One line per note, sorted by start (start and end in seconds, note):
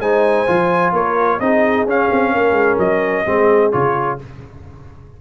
0.00 0.47 G#3
0.00 0.47 D#4
0.00 0.92 C5
0.00 0.94 G#5
0.47 0.93 F3
0.47 1.40 F4
0.92 1.39 A#3
0.92 1.39 A#4
0.92 1.40 C#5
1.40 1.86 C4
1.40 1.87 D#4
1.40 2.32 G#4
1.40 1.87 D#5
1.86 2.09 C#4
1.86 3.26 C#4
1.86 2.79 F5
2.12 2.35 C4
2.32 2.52 A#3
2.32 3.25 A#4
2.52 2.75 G#3
2.78 3.25 F#3
2.78 3.72 D#5
3.26 3.73 G#3
3.26 3.72 C4
3.26 4.19 G#4
3.72 4.21 C#3
3.72 4.19 F4
3.72 4.19 C#5